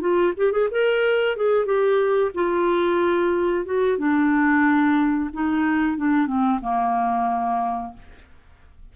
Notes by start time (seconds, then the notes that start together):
0.00 F4
0.37 G4
0.52 G#4
0.71 A#4
1.36 G#4
1.65 G4
2.34 F4
3.65 F#4
3.98 D4
5.33 D#4
5.97 D4
6.26 C4
6.61 A#3